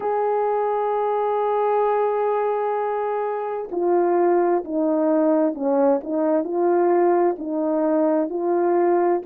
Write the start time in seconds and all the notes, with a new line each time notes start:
0.00 G#4
3.71 F4
4.64 D#4
5.54 C#4
6.03 D#4
6.44 F4
7.38 D#4
8.29 F4